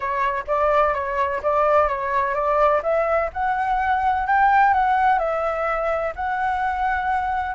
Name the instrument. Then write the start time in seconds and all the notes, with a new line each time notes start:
flute
0.00 C#5
0.47 D5
0.94 C#5
1.43 D5
1.88 C#5
2.34 D5
2.82 E5
3.33 F#5
4.26 G5
4.73 F#5
5.18 E5
6.15 F#5